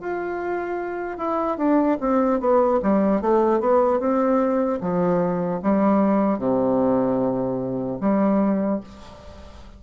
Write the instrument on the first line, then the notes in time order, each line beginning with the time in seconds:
bassoon
0.00 F4
1.17 E4
1.58 D4
2.00 C4
2.40 B3
2.82 G3
3.21 A3
3.60 B3
4.00 C4
4.81 F3
5.62 G3
6.38 C3
8.00 G3